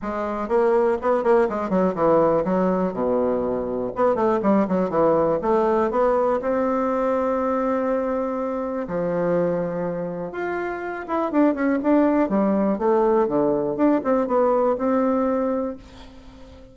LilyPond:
\new Staff \with { instrumentName = "bassoon" } { \time 4/4 \tempo 4 = 122 gis4 ais4 b8 ais8 gis8 fis8 | e4 fis4 b,2 | b8 a8 g8 fis8 e4 a4 | b4 c'2.~ |
c'2 f2~ | f4 f'4. e'8 d'8 cis'8 | d'4 g4 a4 d4 | d'8 c'8 b4 c'2 | }